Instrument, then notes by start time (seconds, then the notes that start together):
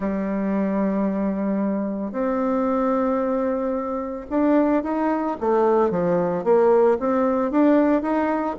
bassoon
0.00 G3
2.12 C4
4.30 D4
4.83 D#4
5.40 A3
5.90 F3
6.44 A#3
6.99 C4
7.51 D4
8.02 D#4